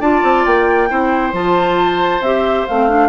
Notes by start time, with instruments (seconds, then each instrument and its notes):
0.00 bassoon D4, clarinet F4, oboe D5, flute A5
0.23 bassoon C4
0.46 bassoon A#3, flute G5
0.89 bassoon C4, clarinet E4, oboe C5
1.33 bassoon F3, clarinet F4, flute A5
2.21 bassoon C4, clarinet G4, flute E5
2.67 bassoon A3, clarinet C4, flute F5
2.89 clarinet D4